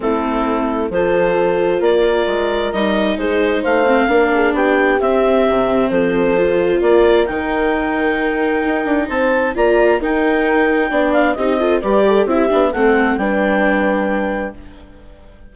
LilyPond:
<<
  \new Staff \with { instrumentName = "clarinet" } { \time 4/4 \tempo 4 = 132 a'2 c''2 | d''2 dis''4 c''4 | f''2 g''4 e''4~ | e''4 c''2 d''4 |
g''1 | a''4 ais''4 g''2~ | g''8 f''8 dis''4 d''4 e''4 | fis''4 g''2. | }
  \new Staff \with { instrumentName = "horn" } { \time 4/4 e'2 a'2 | ais'2. gis'4 | c''4 ais'8 gis'8 g'2~ | g'4 a'2 ais'4~ |
ais'1 | c''4 d''4 ais'2 | d''4 g'8 a'8 b'8 a'8 g'4 | a'4 b'2. | }
  \new Staff \with { instrumentName = "viola" } { \time 4/4 c'2 f'2~ | f'2 dis'2~ | dis'8 c'8 d'2 c'4~ | c'2 f'2 |
dis'1~ | dis'4 f'4 dis'2 | d'4 dis'8 f'8 g'4 e'8 d'8 | c'4 d'2. | }
  \new Staff \with { instrumentName = "bassoon" } { \time 4/4 a2 f2 | ais4 gis4 g4 gis4 | a4 ais4 b4 c'4 | c4 f2 ais4 |
dis2. dis'8 d'8 | c'4 ais4 dis'2 | b4 c'4 g4 c'8 b8 | a4 g2. | }
>>